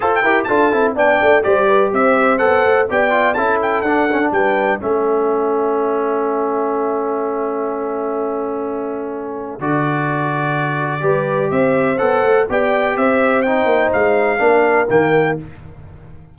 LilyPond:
<<
  \new Staff \with { instrumentName = "trumpet" } { \time 4/4 \tempo 4 = 125 a''16 g''8. a''4 g''4 d''4 | e''4 fis''4 g''4 a''8 g''8 | fis''4 g''4 e''2~ | e''1~ |
e''1 | d''1 | e''4 fis''4 g''4 e''4 | g''4 f''2 g''4 | }
  \new Staff \with { instrumentName = "horn" } { \time 4/4 c''8 ais'8 a'4 d''4 c''8 b'8 | c''2 d''4 a'4~ | a'4 b'4 a'2~ | a'1~ |
a'1~ | a'2. b'4 | c''2 d''4 c''4~ | c''2 ais'2 | }
  \new Staff \with { instrumentName = "trombone" } { \time 4/4 a'8 g'8 f'8 e'8 d'4 g'4~ | g'4 a'4 g'8 f'8 e'4 | d'8 cis'16 d'4~ d'16 cis'2~ | cis'1~ |
cis'1 | fis'2. g'4~ | g'4 a'4 g'2 | dis'2 d'4 ais4 | }
  \new Staff \with { instrumentName = "tuba" } { \time 4/4 f'8 e'8 d'8 c'8 b8 a8 g4 | c'4 b8 a8 b4 cis'4 | d'4 g4 a2~ | a1~ |
a1 | d2. g4 | c'4 b8 a8 b4 c'4~ | c'8 ais8 gis4 ais4 dis4 | }
>>